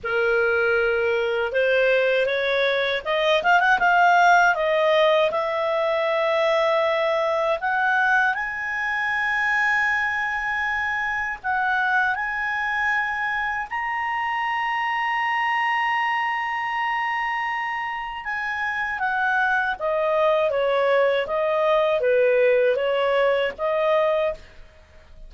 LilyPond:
\new Staff \with { instrumentName = "clarinet" } { \time 4/4 \tempo 4 = 79 ais'2 c''4 cis''4 | dis''8 f''16 fis''16 f''4 dis''4 e''4~ | e''2 fis''4 gis''4~ | gis''2. fis''4 |
gis''2 ais''2~ | ais''1 | gis''4 fis''4 dis''4 cis''4 | dis''4 b'4 cis''4 dis''4 | }